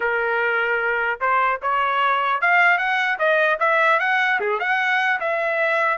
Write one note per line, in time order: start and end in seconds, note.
0.00 1.19 A#4
1.20 1.60 C5
1.62 2.41 C#5
2.41 2.78 F5
2.78 3.18 F#5
3.18 3.58 D#5
3.59 3.99 E5
3.99 4.39 F#5
4.39 4.59 G#4
4.59 5.19 F#5
5.20 5.97 E5